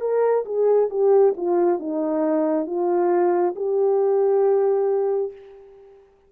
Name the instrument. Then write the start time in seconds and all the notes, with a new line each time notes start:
horn
0.00 A#4
0.45 G#4
0.90 G4
1.37 F4
1.79 D#4
2.66 F4
3.55 G4